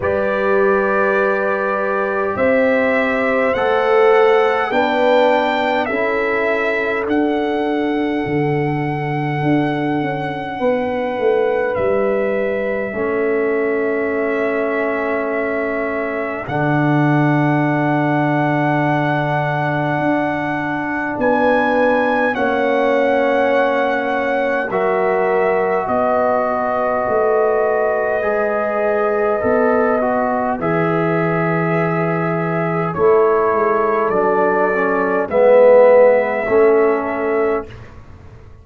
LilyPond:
<<
  \new Staff \with { instrumentName = "trumpet" } { \time 4/4 \tempo 4 = 51 d''2 e''4 fis''4 | g''4 e''4 fis''2~ | fis''2 e''2~ | e''2 fis''2~ |
fis''2 gis''4 fis''4~ | fis''4 e''4 dis''2~ | dis''2 e''2 | cis''4 d''4 e''2 | }
  \new Staff \with { instrumentName = "horn" } { \time 4/4 b'2 c''2 | b'4 a'2.~ | a'4 b'2 a'4~ | a'1~ |
a'2 b'4 cis''4~ | cis''4 ais'4 b'2~ | b'1 | a'2 b'4 a'4 | }
  \new Staff \with { instrumentName = "trombone" } { \time 4/4 g'2. a'4 | d'4 e'4 d'2~ | d'2. cis'4~ | cis'2 d'2~ |
d'2. cis'4~ | cis'4 fis'2. | gis'4 a'8 fis'8 gis'2 | e'4 d'8 cis'8 b4 cis'4 | }
  \new Staff \with { instrumentName = "tuba" } { \time 4/4 g2 c'4 a4 | b4 cis'4 d'4 d4 | d'8 cis'8 b8 a8 g4 a4~ | a2 d2~ |
d4 d'4 b4 ais4~ | ais4 fis4 b4 a4 | gis4 b4 e2 | a8 gis8 fis4 gis4 a4 | }
>>